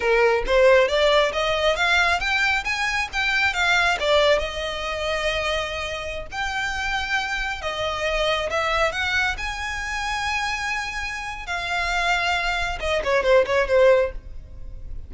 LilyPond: \new Staff \with { instrumentName = "violin" } { \time 4/4 \tempo 4 = 136 ais'4 c''4 d''4 dis''4 | f''4 g''4 gis''4 g''4 | f''4 d''4 dis''2~ | dis''2~ dis''16 g''4.~ g''16~ |
g''4~ g''16 dis''2 e''8.~ | e''16 fis''4 gis''2~ gis''8.~ | gis''2 f''2~ | f''4 dis''8 cis''8 c''8 cis''8 c''4 | }